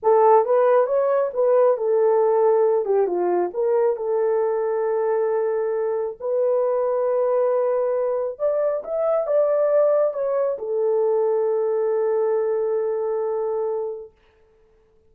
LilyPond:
\new Staff \with { instrumentName = "horn" } { \time 4/4 \tempo 4 = 136 a'4 b'4 cis''4 b'4 | a'2~ a'8 g'8 f'4 | ais'4 a'2.~ | a'2 b'2~ |
b'2. d''4 | e''4 d''2 cis''4 | a'1~ | a'1 | }